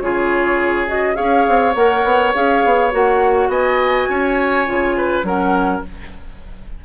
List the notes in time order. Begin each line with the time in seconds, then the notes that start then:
0.00 C#3 F4 G#4 C#5
0.87 F#4 D#5
1.14 C#4 G#4 C#5 F5
1.48 C4
1.75 A#3 A#4 F#5
2.04 B3
2.34 C#4 G#4 F5
2.64 B3
2.91 A#3 F#4 F#5
3.48 B3 D#5 G#5
4.09 C#4 C#5
4.66 C#3 F4
4.97 B4
5.23 F#3 C#4 A#4 F#5